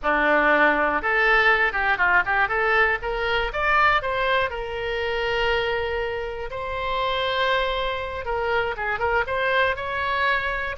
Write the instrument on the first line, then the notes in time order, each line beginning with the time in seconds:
oboe
0.02 D4
1.02 A4
1.72 G4
1.97 F4
2.25 G4
2.48 A4
3.02 A#4
3.52 D5
4.01 C5
4.50 A#4
6.50 C5
8.25 A#4
8.77 G#4
8.99 A#4
9.26 C5
9.76 C#5